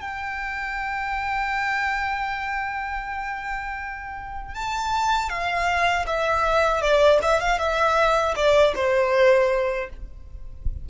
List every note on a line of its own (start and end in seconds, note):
0.00 4.55 G5
4.55 5.29 A5
5.29 6.05 F5
6.06 6.81 E5
6.81 7.19 D5
7.22 7.40 E5
7.40 7.58 F5
7.58 8.34 E5
8.36 8.74 D5
8.75 9.89 C5